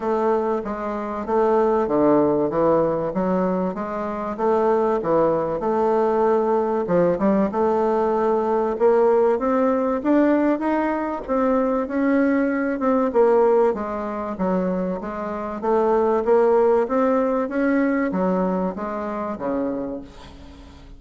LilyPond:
\new Staff \with { instrumentName = "bassoon" } { \time 4/4 \tempo 4 = 96 a4 gis4 a4 d4 | e4 fis4 gis4 a4 | e4 a2 f8 g8 | a2 ais4 c'4 |
d'4 dis'4 c'4 cis'4~ | cis'8 c'8 ais4 gis4 fis4 | gis4 a4 ais4 c'4 | cis'4 fis4 gis4 cis4 | }